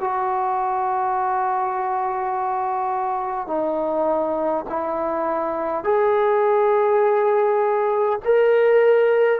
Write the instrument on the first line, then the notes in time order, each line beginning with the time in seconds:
trombone
0.00 F#4
3.48 D#4
4.70 E4
5.84 G#4
8.25 A#4